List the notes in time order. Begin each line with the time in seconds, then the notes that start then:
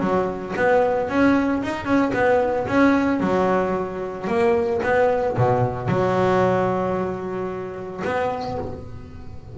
0.00 F#3
0.56 B3
1.09 C#4
1.62 D#4
1.85 C#4
2.13 B3
2.67 C#4
3.20 F#3
4.27 A#3
4.83 B3
5.37 B2
5.88 F#3
8.04 B3